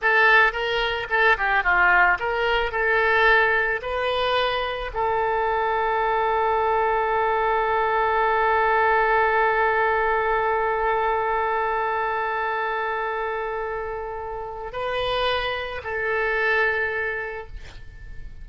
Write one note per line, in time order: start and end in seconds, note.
0.01 0.52 A4
0.52 1.07 A#4
1.09 1.36 A4
1.37 1.63 G4
1.63 2.18 F4
2.19 2.71 A#4
2.71 3.80 A4
3.82 4.91 B4
4.93 14.72 A4
14.72 15.81 B4
15.83 17.47 A4